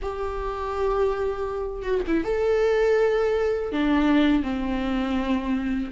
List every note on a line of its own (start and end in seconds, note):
0.02 1.82 G4
1.82 2.00 F#4
2.07 2.24 E4
2.24 3.72 A4
3.72 4.42 D4
4.42 5.91 C4